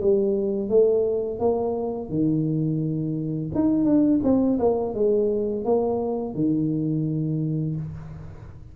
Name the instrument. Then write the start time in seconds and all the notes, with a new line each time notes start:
tuba
0.00 G3
0.69 A3
1.39 A#3
2.09 D#3
3.54 D#4
3.84 D4
4.23 C4
4.59 A#3
4.94 G#3
5.64 A#3
6.34 D#3